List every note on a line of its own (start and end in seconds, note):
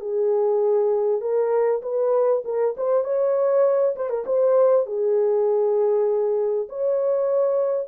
0.00 1.21 G#4
1.21 1.82 A#4
1.82 2.43 B4
2.45 2.75 A#4
2.77 3.04 C5
3.04 3.95 C#5
3.96 4.09 C5
4.09 4.25 A#4
4.26 4.86 C5
4.86 6.68 G#4
6.69 7.87 C#5